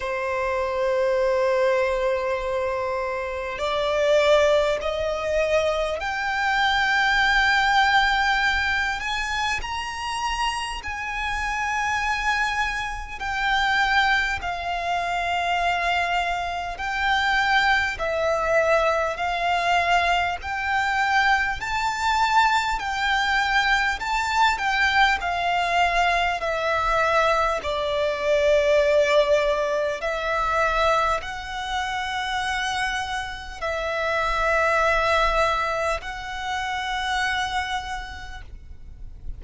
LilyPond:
\new Staff \with { instrumentName = "violin" } { \time 4/4 \tempo 4 = 50 c''2. d''4 | dis''4 g''2~ g''8 gis''8 | ais''4 gis''2 g''4 | f''2 g''4 e''4 |
f''4 g''4 a''4 g''4 | a''8 g''8 f''4 e''4 d''4~ | d''4 e''4 fis''2 | e''2 fis''2 | }